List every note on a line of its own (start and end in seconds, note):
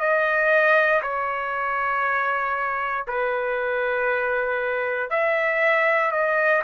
0.00 1.02 D#5
1.02 3.06 C#5
3.07 5.10 B4
5.10 6.12 E5
6.12 6.62 D#5